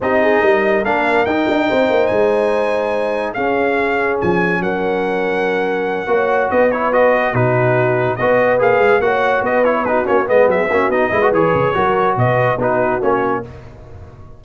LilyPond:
<<
  \new Staff \with { instrumentName = "trumpet" } { \time 4/4 \tempo 4 = 143 dis''2 f''4 g''4~ | g''4 gis''2. | f''2 gis''4 fis''4~ | fis''2.~ fis''8 dis''8 |
cis''8 dis''4 b'2 dis''8~ | dis''8 f''4 fis''4 dis''8 cis''8 b'8 | cis''8 dis''8 e''4 dis''4 cis''4~ | cis''4 dis''4 b'4 cis''4 | }
  \new Staff \with { instrumentName = "horn" } { \time 4/4 g'8 gis'8 ais'2. | c''1 | gis'2. ais'4~ | ais'2~ ais'8 cis''4 b'8~ |
b'4. fis'2 b'8~ | b'4. cis''4 b'4 fis'8~ | fis'8 b'8 gis'8 fis'4 b'4. | ais'4 b'4 fis'2 | }
  \new Staff \with { instrumentName = "trombone" } { \time 4/4 dis'2 d'4 dis'4~ | dis'1 | cis'1~ | cis'2~ cis'8 fis'4. |
e'8 fis'4 dis'2 fis'8~ | fis'8 gis'4 fis'4. e'8 dis'8 | cis'8 b4 cis'8 dis'8 e'16 fis'16 gis'4 | fis'2 dis'4 cis'4 | }
  \new Staff \with { instrumentName = "tuba" } { \time 4/4 c'4 g4 ais4 dis'8 d'8 | c'8 ais8 gis2. | cis'2 f4 fis4~ | fis2~ fis8 ais4 b8~ |
b4. b,2 b8~ | b8 ais8 gis8 ais4 b4. | ais8 gis8 fis8 ais8 b8 gis8 e8 cis8 | fis4 b,4 b4 ais4 | }
>>